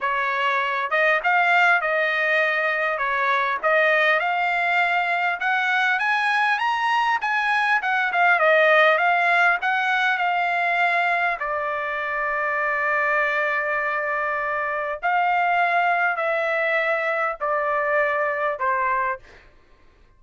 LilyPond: \new Staff \with { instrumentName = "trumpet" } { \time 4/4 \tempo 4 = 100 cis''4. dis''8 f''4 dis''4~ | dis''4 cis''4 dis''4 f''4~ | f''4 fis''4 gis''4 ais''4 | gis''4 fis''8 f''8 dis''4 f''4 |
fis''4 f''2 d''4~ | d''1~ | d''4 f''2 e''4~ | e''4 d''2 c''4 | }